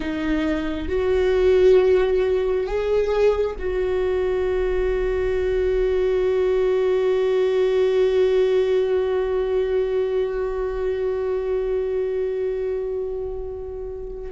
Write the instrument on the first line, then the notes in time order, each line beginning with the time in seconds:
viola
0.00 D#4
0.88 F#4
2.66 G#4
3.59 F#4